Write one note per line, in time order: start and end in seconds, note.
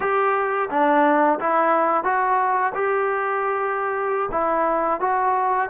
0.00 0.69 G4
0.70 1.39 D4
1.39 2.03 E4
2.03 2.72 F#4
2.74 4.29 G4
4.31 5.00 E4
5.00 5.69 F#4